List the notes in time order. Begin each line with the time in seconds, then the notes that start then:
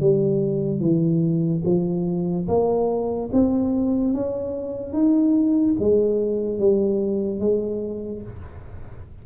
0.00 G3
0.80 E3
1.65 F3
2.48 A#3
3.33 C4
4.14 C#4
4.93 D#4
5.79 G#3
6.59 G3
7.40 G#3